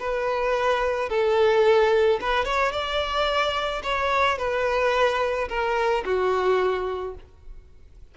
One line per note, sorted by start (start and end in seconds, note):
0.00 1.10 B4
1.10 2.20 A4
2.21 2.45 B4
2.45 2.72 C#5
2.72 3.83 D5
3.84 4.39 C#5
4.39 5.49 B4
5.49 6.05 A#4
6.05 7.15 F#4